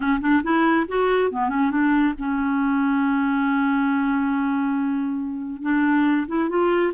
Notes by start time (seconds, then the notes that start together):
0.00 C#4
0.20 D4
0.43 E4
0.88 F#4
1.31 B3
1.49 C#4
1.71 D4
2.18 C#4
5.62 D4
6.27 E4
6.49 F4